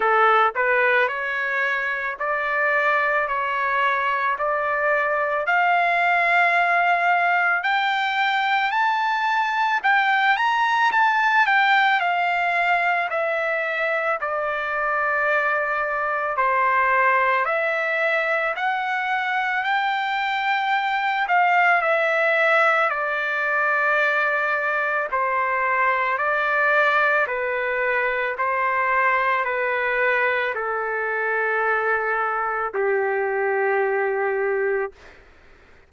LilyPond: \new Staff \with { instrumentName = "trumpet" } { \time 4/4 \tempo 4 = 55 a'8 b'8 cis''4 d''4 cis''4 | d''4 f''2 g''4 | a''4 g''8 ais''8 a''8 g''8 f''4 | e''4 d''2 c''4 |
e''4 fis''4 g''4. f''8 | e''4 d''2 c''4 | d''4 b'4 c''4 b'4 | a'2 g'2 | }